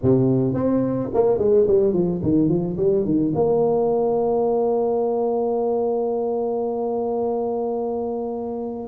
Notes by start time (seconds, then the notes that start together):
0.02 C3
0.54 C4
1.14 A#3
1.38 G#3
1.67 G3
1.93 F3
2.22 D#3
2.48 F3
2.77 G3
3.05 D#3
3.34 A#3